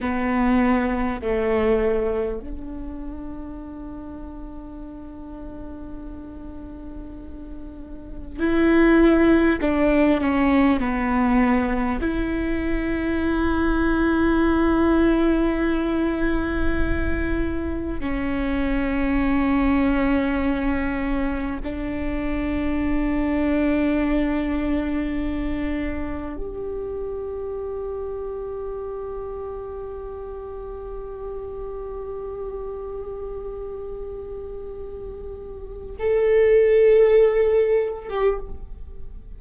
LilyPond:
\new Staff \with { instrumentName = "viola" } { \time 4/4 \tempo 4 = 50 b4 a4 d'2~ | d'2. e'4 | d'8 cis'8 b4 e'2~ | e'2. cis'4~ |
cis'2 d'2~ | d'2 g'2~ | g'1~ | g'2 a'4.~ a'16 g'16 | }